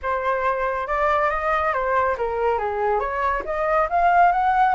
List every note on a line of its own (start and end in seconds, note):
0.02 0.87 C5
0.87 1.29 D5
1.29 1.73 D#5
1.73 2.16 C5
2.17 2.58 A#4
2.58 2.99 G#4
2.99 3.43 C#5
3.45 3.88 D#5
3.89 4.32 F5
4.32 4.74 F#5